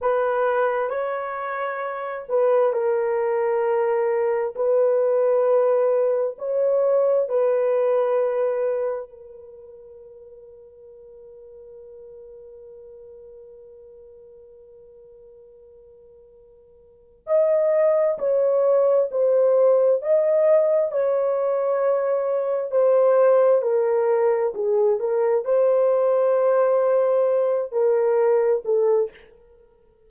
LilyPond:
\new Staff \with { instrumentName = "horn" } { \time 4/4 \tempo 4 = 66 b'4 cis''4. b'8 ais'4~ | ais'4 b'2 cis''4 | b'2 ais'2~ | ais'1~ |
ais'2. dis''4 | cis''4 c''4 dis''4 cis''4~ | cis''4 c''4 ais'4 gis'8 ais'8 | c''2~ c''8 ais'4 a'8 | }